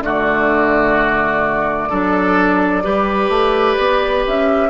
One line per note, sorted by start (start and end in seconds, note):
0.00 1.88 D3
0.00 1.90 A3
0.00 1.89 F#4
0.00 4.26 D5
1.89 2.85 F#3
1.89 2.83 D4
1.89 2.83 A4
2.83 3.29 G3
2.83 4.70 G4
2.83 4.70 B4
3.29 3.76 A3
3.79 4.25 B3
4.27 4.70 C#4
4.27 4.70 E5